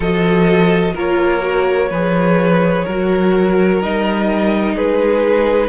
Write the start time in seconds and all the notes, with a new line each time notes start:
0.00 F3 F#4 A4 D#5
0.94 A#3 F4 A#4 C#5
1.40 F#4
1.89 F3 G#4 B4
2.85 F#3 F#4 A#4
3.82 G3 D#4 D#5
4.74 G#3 G#4 B4